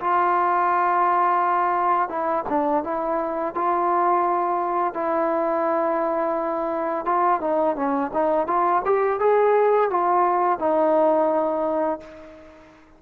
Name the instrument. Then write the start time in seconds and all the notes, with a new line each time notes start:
trombone
0.00 F4
2.09 E4
2.49 D4
2.84 E4
3.55 F4
4.93 E4
7.05 F4
7.40 D#4
7.76 C#4
8.13 D#4
8.47 F4
8.85 G4
9.20 G#4
9.90 F4
10.59 D#4